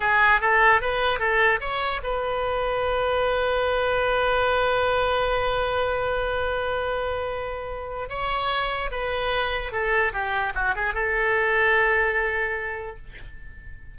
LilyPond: \new Staff \with { instrumentName = "oboe" } { \time 4/4 \tempo 4 = 148 gis'4 a'4 b'4 a'4 | cis''4 b'2.~ | b'1~ | b'1~ |
b'1 | cis''2 b'2 | a'4 g'4 fis'8 gis'8 a'4~ | a'1 | }